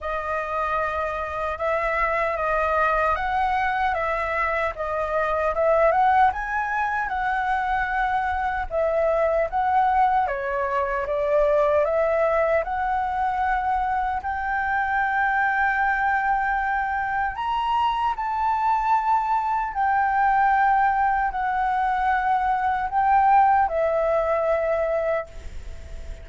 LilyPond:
\new Staff \with { instrumentName = "flute" } { \time 4/4 \tempo 4 = 76 dis''2 e''4 dis''4 | fis''4 e''4 dis''4 e''8 fis''8 | gis''4 fis''2 e''4 | fis''4 cis''4 d''4 e''4 |
fis''2 g''2~ | g''2 ais''4 a''4~ | a''4 g''2 fis''4~ | fis''4 g''4 e''2 | }